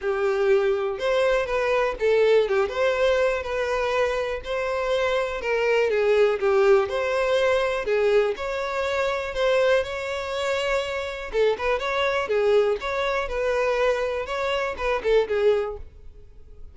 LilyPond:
\new Staff \with { instrumentName = "violin" } { \time 4/4 \tempo 4 = 122 g'2 c''4 b'4 | a'4 g'8 c''4. b'4~ | b'4 c''2 ais'4 | gis'4 g'4 c''2 |
gis'4 cis''2 c''4 | cis''2. a'8 b'8 | cis''4 gis'4 cis''4 b'4~ | b'4 cis''4 b'8 a'8 gis'4 | }